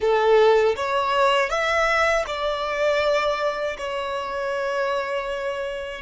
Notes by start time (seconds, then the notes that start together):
0.00 A4
0.76 C#5
1.49 E5
2.26 D5
3.77 C#5